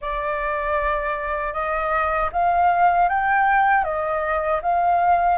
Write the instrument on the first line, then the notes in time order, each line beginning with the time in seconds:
flute
0.01 D5
1.53 D#5
2.32 F5
3.08 G5
3.84 D#5
4.62 F5